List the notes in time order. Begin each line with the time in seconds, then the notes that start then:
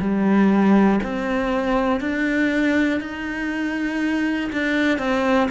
0.00 G3
1.03 C4
2.00 D4
3.00 D#4
4.52 D4
4.99 C4